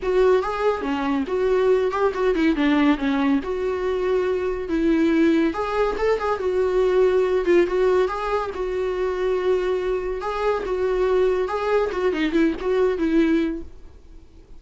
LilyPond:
\new Staff \with { instrumentName = "viola" } { \time 4/4 \tempo 4 = 141 fis'4 gis'4 cis'4 fis'4~ | fis'8 g'8 fis'8 e'8 d'4 cis'4 | fis'2. e'4~ | e'4 gis'4 a'8 gis'8 fis'4~ |
fis'4. f'8 fis'4 gis'4 | fis'1 | gis'4 fis'2 gis'4 | fis'8 dis'8 e'8 fis'4 e'4. | }